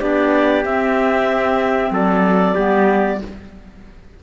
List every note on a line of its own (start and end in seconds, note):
0.00 0.65 B3
0.00 0.64 D4
0.00 1.92 G4
0.00 0.64 D5
0.65 1.91 C4
0.65 2.56 C4
0.65 1.93 E5
1.91 2.54 F#3
1.91 2.56 A4
1.91 3.23 D5
2.56 3.21 G3
2.56 3.20 B3
2.56 3.19 G4